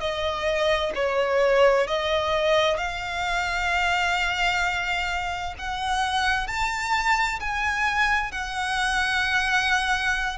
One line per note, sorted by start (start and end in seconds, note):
0.00 0.92 D#5
0.95 1.87 C#5
1.87 2.77 D#5
2.77 5.54 F5
5.58 6.47 F#5
6.47 7.39 A5
7.40 8.32 G#5
8.32 10.38 F#5